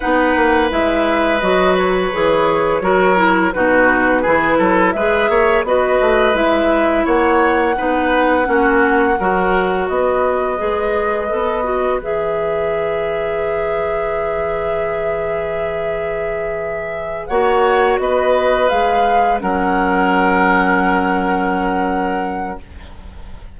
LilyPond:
<<
  \new Staff \with { instrumentName = "flute" } { \time 4/4 \tempo 4 = 85 fis''4 e''4 dis''8 cis''4.~ | cis''4 b'2 e''4 | dis''4 e''4 fis''2~ | fis''2 dis''2~ |
dis''4 e''2.~ | e''1~ | e''8 fis''4 dis''4 f''4 fis''8~ | fis''1 | }
  \new Staff \with { instrumentName = "oboe" } { \time 4/4 b'1 | ais'4 fis'4 gis'8 a'8 b'8 cis''8 | b'2 cis''4 b'4 | fis'4 ais'4 b'2~ |
b'1~ | b'1~ | b'8 cis''4 b'2 ais'8~ | ais'1 | }
  \new Staff \with { instrumentName = "clarinet" } { \time 4/4 dis'4 e'4 fis'4 gis'4 | fis'8 e'8 dis'4 e'4 gis'4 | fis'4 e'2 dis'4 | cis'4 fis'2 gis'4 |
a'8 fis'8 gis'2.~ | gis'1~ | gis'8 fis'2 gis'4 cis'8~ | cis'1 | }
  \new Staff \with { instrumentName = "bassoon" } { \time 4/4 b8 ais8 gis4 fis4 e4 | fis4 b,4 e8 fis8 gis8 ais8 | b8 a8 gis4 ais4 b4 | ais4 fis4 b4 gis4 |
b4 e2.~ | e1~ | e8 ais4 b4 gis4 fis8~ | fis1 | }
>>